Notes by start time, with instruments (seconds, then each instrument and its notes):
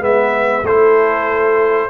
0.00 tuba G#3, trombone B3, horn B4, trumpet E5
0.63 tuba A3, trombone E4, horn A4, trumpet C5